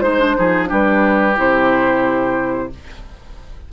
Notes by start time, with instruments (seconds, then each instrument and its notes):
0.00 bassoon G#3, clarinet D#4, flute C5, oboe C5
0.20 clarinet D4
0.36 bassoon F3, clarinet D#4, oboe G#4
0.66 bassoon G3, clarinet D4, oboe G4, flute B4
1.36 bassoon C3, clarinet E4, flute C5